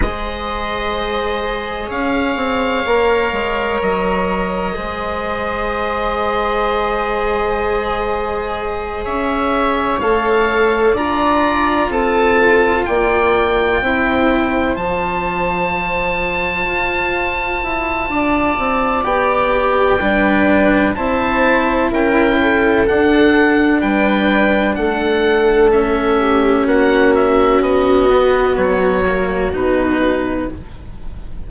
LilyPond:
<<
  \new Staff \with { instrumentName = "oboe" } { \time 4/4 \tempo 4 = 63 dis''2 f''2 | dis''1~ | dis''4. e''4 f''4 ais''8~ | ais''8 a''4 g''2 a''8~ |
a''1 | g''2 a''4 g''4 | fis''4 g''4 fis''4 e''4 | fis''8 e''8 dis''4 cis''4 b'4 | }
  \new Staff \with { instrumentName = "viola" } { \time 4/4 c''2 cis''2~ | cis''4 c''2.~ | c''4. cis''2 d''8~ | d''8 a'4 d''4 c''4.~ |
c''2. d''4~ | d''4 b'4 c''4 ais'8 a'8~ | a'4 b'4 a'4. g'8 | fis'1 | }
  \new Staff \with { instrumentName = "cello" } { \time 4/4 gis'2. ais'4~ | ais'4 gis'2.~ | gis'2~ gis'8 a'4 f'8~ | f'2~ f'8 e'4 f'8~ |
f'1 | g'4 d'4 e'2 | d'2. cis'4~ | cis'4. b4 ais8 dis'4 | }
  \new Staff \with { instrumentName = "bassoon" } { \time 4/4 gis2 cis'8 c'8 ais8 gis8 | fis4 gis2.~ | gis4. cis'4 a4 d'8~ | d'8 c'4 ais4 c'4 f8~ |
f4. f'4 e'8 d'8 c'8 | b4 g4 c'4 cis'4 | d'4 g4 a2 | ais4 b4 fis4 b,4 | }
>>